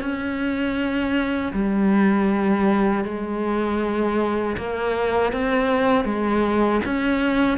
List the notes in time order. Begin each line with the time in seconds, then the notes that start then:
0.00 C#4
1.52 G3
3.04 G#3
4.57 A#3
5.32 C4
6.04 G#3
6.85 C#4